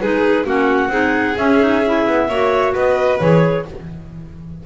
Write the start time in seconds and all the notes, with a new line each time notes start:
0.00 G#3 D#4 G#4 B4
0.44 A#3 C#4 F#4 F#5
0.88 C4 D#4 G#4
1.36 C#4 E5
1.59 D#4
1.85 E4
2.07 B3
2.28 A#3 F#4 C#5
2.73 B3 B4 D#5
3.19 E3 G#4 C#5